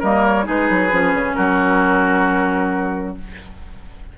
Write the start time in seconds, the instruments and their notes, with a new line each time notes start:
0.00 bassoon G3, clarinet A#3, oboe A#4, flute D#5
0.25 flute C#5
0.44 bassoon G#3, clarinet D#4, oboe G#4, flute B4
0.70 bassoon F#3
0.92 bassoon F3, clarinet C#4
1.14 bassoon C#3
1.34 bassoon F#3, oboe F#4, flute A#4